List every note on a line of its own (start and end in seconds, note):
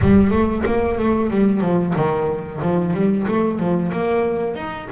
0.01 0.30 G3
0.30 0.63 A3
0.65 0.98 A#3
0.98 1.30 A3
1.30 1.61 G3
1.61 1.93 F3
1.95 2.61 D#3
2.61 2.93 F3
2.93 3.26 G3
3.27 3.59 A3
3.59 3.91 F3
3.92 4.55 A#3
4.55 4.88 D#4